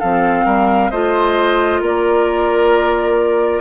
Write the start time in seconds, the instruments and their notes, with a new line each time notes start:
0.00 bassoon F3, clarinet C4, oboe A4, flute F5
0.46 bassoon G3, oboe A#4
0.91 bassoon A3, clarinet F4, oboe C5, flute D#5
1.81 bassoon A#3, oboe A#4, flute D5